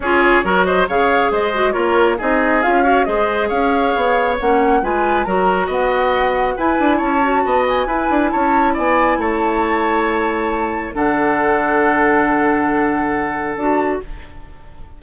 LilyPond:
<<
  \new Staff \with { instrumentName = "flute" } { \time 4/4 \tempo 4 = 137 cis''4. dis''8 f''4 dis''4 | cis''4 dis''4 f''4 dis''4 | f''2 fis''4 gis''4 | ais''4 fis''2 gis''4 |
a''4. gis''4. a''4 | gis''4 a''2.~ | a''4 fis''2.~ | fis''2. a''4 | }
  \new Staff \with { instrumentName = "oboe" } { \time 4/4 gis'4 ais'8 c''8 cis''4 c''4 | ais'4 gis'4. cis''8 c''4 | cis''2. b'4 | ais'4 dis''2 b'4 |
cis''4 dis''4 b'4 cis''4 | d''4 cis''2.~ | cis''4 a'2.~ | a'1 | }
  \new Staff \with { instrumentName = "clarinet" } { \time 4/4 f'4 fis'4 gis'4. fis'8 | f'4 dis'4 f'8 fis'8 gis'4~ | gis'2 cis'4 f'4 | fis'2. e'4~ |
e'8 fis'4. e'2~ | e'1~ | e'4 d'2.~ | d'2. fis'4 | }
  \new Staff \with { instrumentName = "bassoon" } { \time 4/4 cis'4 fis4 cis4 gis4 | ais4 c'4 cis'4 gis4 | cis'4 b4 ais4 gis4 | fis4 b2 e'8 d'8 |
cis'4 b4 e'8 d'8 cis'4 | b4 a2.~ | a4 d2.~ | d2. d'4 | }
>>